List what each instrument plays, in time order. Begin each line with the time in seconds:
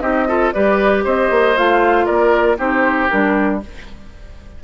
0.00 bassoon C4, clarinet D#4, oboe G4, flute D#5
0.28 clarinet F4, oboe A4
0.52 bassoon G3, clarinet G4, oboe B4, flute D5
1.04 bassoon C4, oboe C5, flute D#5
1.31 bassoon A#3
1.56 bassoon A3, clarinet F4, flute F5
2.06 bassoon A#3, oboe A#4, flute D5
2.58 bassoon C4, clarinet D#4, oboe G4, flute C5
3.09 bassoon G3, clarinet D4, flute A#4